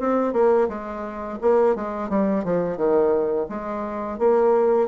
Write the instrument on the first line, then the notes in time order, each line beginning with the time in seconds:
bassoon
0.00 C4
0.33 A#3
0.69 G#3
1.41 A#3
1.76 G#3
2.09 G3
2.45 F3
2.77 D#3
3.49 G#3
4.19 A#3